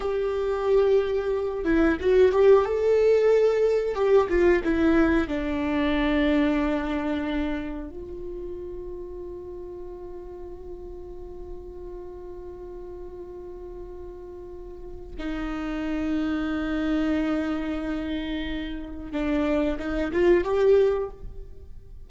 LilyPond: \new Staff \with { instrumentName = "viola" } { \time 4/4 \tempo 4 = 91 g'2~ g'8 e'8 fis'8 g'8 | a'2 g'8 f'8 e'4 | d'1 | f'1~ |
f'1~ | f'2. dis'4~ | dis'1~ | dis'4 d'4 dis'8 f'8 g'4 | }